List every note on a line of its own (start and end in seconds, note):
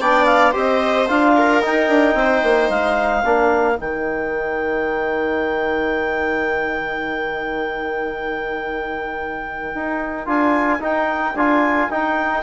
0.00 0.54 B3
0.00 0.53 D4
0.00 0.51 D5
0.00 0.25 G5
0.25 0.52 F5
0.51 1.09 C4
0.51 1.07 G4
0.51 1.32 C5
0.58 1.08 D#5
1.08 1.63 D4
1.08 1.62 F4
1.08 1.62 F5
1.36 2.18 A#4
1.62 3.24 D#4
1.62 1.88 D#4
1.62 2.70 G5
1.88 2.14 D4
2.14 2.41 C4
2.14 3.24 C5
2.43 2.69 A#3
2.69 3.24 G#3
2.69 3.78 F5
3.24 3.78 A#3
3.24 3.74 D4
3.24 12.42 A#4
3.74 10.23 D#4
3.74 10.28 G5
3.81 9.74 D#3
9.74 10.27 D#4
10.25 10.80 D4
10.25 10.79 F4
10.25 10.82 G#5
10.80 11.34 D#4
10.80 11.36 G5
11.34 11.88 D4
11.34 11.91 F4
11.34 11.90 G#5
11.89 12.42 D#4
11.89 12.42 G5